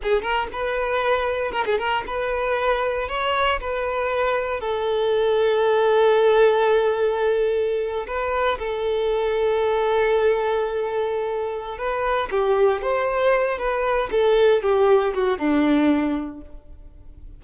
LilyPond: \new Staff \with { instrumentName = "violin" } { \time 4/4 \tempo 4 = 117 gis'8 ais'8 b'2 ais'16 gis'16 ais'8 | b'2 cis''4 b'4~ | b'4 a'2.~ | a'2.~ a'8. b'16~ |
b'8. a'2.~ a'16~ | a'2. b'4 | g'4 c''4. b'4 a'8~ | a'8 g'4 fis'8 d'2 | }